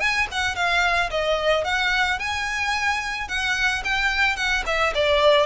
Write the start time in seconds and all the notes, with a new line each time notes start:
0.00 G#5
0.31 F#5
0.56 F5
1.11 D#5
1.64 F#5
2.19 G#5
3.29 F#5
3.85 G5
4.36 F#5
4.66 E5
4.95 D5